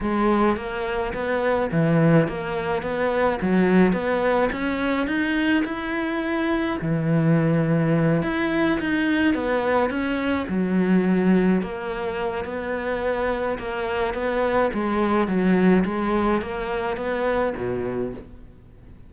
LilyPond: \new Staff \with { instrumentName = "cello" } { \time 4/4 \tempo 4 = 106 gis4 ais4 b4 e4 | ais4 b4 fis4 b4 | cis'4 dis'4 e'2 | e2~ e8 e'4 dis'8~ |
dis'8 b4 cis'4 fis4.~ | fis8 ais4. b2 | ais4 b4 gis4 fis4 | gis4 ais4 b4 b,4 | }